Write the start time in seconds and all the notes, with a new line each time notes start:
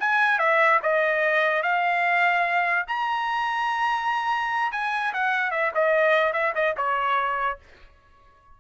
0.00 G#5
0.39 E5
0.83 D#5
1.63 F5
2.87 A#5
4.72 G#5
5.14 F#5
5.51 E5
5.75 D#5
6.33 E5
6.55 D#5
6.77 C#5